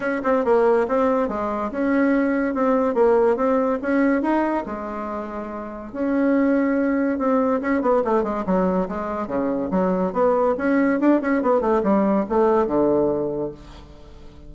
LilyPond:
\new Staff \with { instrumentName = "bassoon" } { \time 4/4 \tempo 4 = 142 cis'8 c'8 ais4 c'4 gis4 | cis'2 c'4 ais4 | c'4 cis'4 dis'4 gis4~ | gis2 cis'2~ |
cis'4 c'4 cis'8 b8 a8 gis8 | fis4 gis4 cis4 fis4 | b4 cis'4 d'8 cis'8 b8 a8 | g4 a4 d2 | }